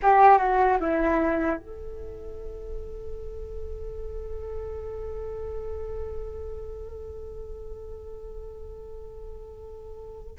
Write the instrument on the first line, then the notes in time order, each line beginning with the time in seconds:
flute
0.02 G4
0.37 F#4
0.80 E4
1.57 A4